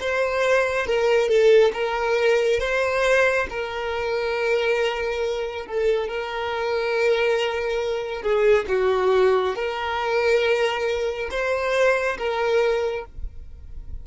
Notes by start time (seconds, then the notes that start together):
0.00 C5
0.86 A#4
1.28 A4
1.74 A#4
2.60 C5
3.50 A#4
5.66 A4
6.08 A#4
8.22 G#4
8.68 F#4
9.55 A#4
11.30 C5
12.18 A#4